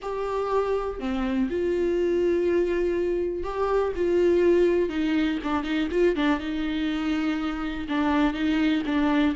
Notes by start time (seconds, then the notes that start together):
0.02 G4
0.99 C4
1.50 F4
3.43 G4
3.95 F4
4.89 D#4
5.43 D4
5.63 D#4
5.91 F4
6.15 D4
6.39 D#4
7.88 D4
8.33 D#4
8.85 D4